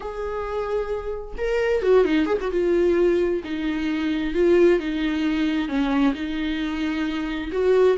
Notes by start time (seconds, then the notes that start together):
0.00 G#4
1.37 A#4
1.82 F#4
2.05 D#4
2.26 G#4
2.40 F#4
2.51 F4
3.43 D#4
4.34 F4
4.79 D#4
5.68 C#4
6.14 D#4
7.51 F#4